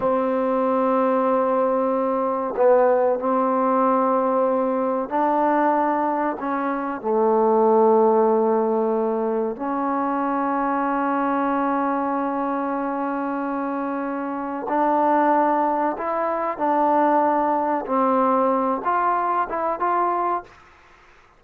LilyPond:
\new Staff \with { instrumentName = "trombone" } { \time 4/4 \tempo 4 = 94 c'1 | b4 c'2. | d'2 cis'4 a4~ | a2. cis'4~ |
cis'1~ | cis'2. d'4~ | d'4 e'4 d'2 | c'4. f'4 e'8 f'4 | }